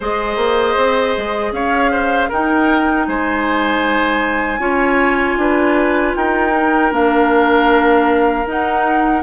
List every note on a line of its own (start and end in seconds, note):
0.00 0.36 G#3
0.00 2.31 G#4
0.00 1.52 C5
0.00 1.53 D#5
0.36 0.74 A#3
0.77 1.15 C4
1.17 1.52 G#3
1.52 2.29 C#4
1.52 1.91 C#5
1.52 2.30 F5
1.91 2.28 C5
2.28 3.07 D#4
2.28 4.59 D#4
2.28 3.05 A#4
2.28 3.07 G5
3.07 4.58 G#3
3.07 4.60 C5
3.07 6.15 G#5
4.58 5.35 C#4
4.58 6.51 F4
4.58 5.37 C#5
5.37 6.13 D4
5.37 6.17 B4
6.15 6.91 D#4
6.15 9.22 A#4
6.15 6.92 G5
6.55 6.91 D#4
6.91 8.45 A#3
6.91 8.45 D4
6.91 8.47 F5
8.46 9.22 D#4
8.46 9.22 F#5